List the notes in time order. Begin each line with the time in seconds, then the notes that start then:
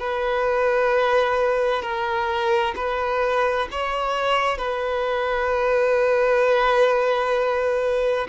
0.00 B4
1.82 A#4
2.76 B4
3.71 C#5
4.58 B4